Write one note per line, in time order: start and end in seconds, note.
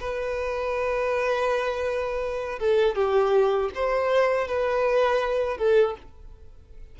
0.00 2.59 B4
2.59 2.95 A4
2.95 3.70 G4
3.75 4.48 C5
4.48 5.58 B4
5.58 5.95 A4